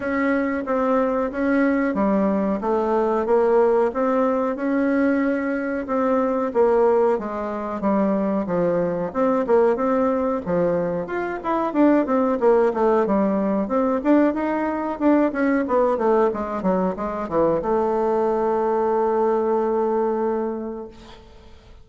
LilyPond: \new Staff \with { instrumentName = "bassoon" } { \time 4/4 \tempo 4 = 92 cis'4 c'4 cis'4 g4 | a4 ais4 c'4 cis'4~ | cis'4 c'4 ais4 gis4 | g4 f4 c'8 ais8 c'4 |
f4 f'8 e'8 d'8 c'8 ais8 a8 | g4 c'8 d'8 dis'4 d'8 cis'8 | b8 a8 gis8 fis8 gis8 e8 a4~ | a1 | }